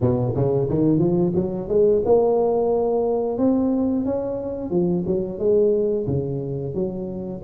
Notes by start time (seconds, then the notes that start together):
0.01 B2
0.35 C#3
0.69 D#3
0.98 F3
1.35 F#3
1.68 G#3
2.05 A#3
3.37 C4
4.05 C#4
4.70 F3
5.06 F#3
5.38 G#3
6.06 C#3
6.74 F#3